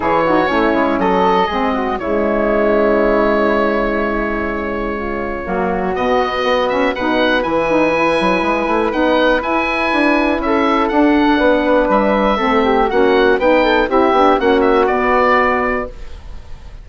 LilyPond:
<<
  \new Staff \with { instrumentName = "oboe" } { \time 4/4 \tempo 4 = 121 cis''2 dis''2 | cis''1~ | cis''1 | dis''4. e''8 fis''4 gis''4~ |
gis''2 fis''4 gis''4~ | gis''4 e''4 fis''2 | e''2 fis''4 g''4 | e''4 fis''8 e''8 d''2 | }
  \new Staff \with { instrumentName = "flute" } { \time 4/4 gis'8 fis'8 e'4 a'4 gis'8 fis'8 | e'1~ | e'2 f'4 fis'4~ | fis'2 b'2~ |
b'1~ | b'4 a'2 b'4~ | b'4 a'8 g'8 fis'4 b'8 a'8 | g'4 fis'2. | }
  \new Staff \with { instrumentName = "saxophone" } { \time 4/4 e'8 dis'8 cis'2 c'4 | gis1~ | gis2. ais4 | b4. cis'8 dis'4 e'8 dis'8 |
e'2 dis'4 e'4~ | e'2 d'2~ | d'4 c'4 cis'4 dis'4 | e'8 d'8 cis'4 b2 | }
  \new Staff \with { instrumentName = "bassoon" } { \time 4/4 e4 a8 gis8 fis4 gis4 | cis1~ | cis2. fis4 | b,4 b4 b,4 e4~ |
e8 fis8 gis8 a8 b4 e'4 | d'4 cis'4 d'4 b4 | g4 a4 ais4 b4 | c'8 b8 ais4 b2 | }
>>